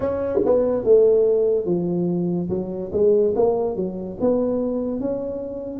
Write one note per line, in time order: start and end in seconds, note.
0.00 0.39 C#4
0.45 0.83 B3
0.83 1.65 A3
1.65 2.48 F3
2.49 2.91 F#3
2.92 3.34 G#3
3.35 3.76 A#3
3.76 4.17 F#3
4.20 5.00 B3
5.00 5.80 C#4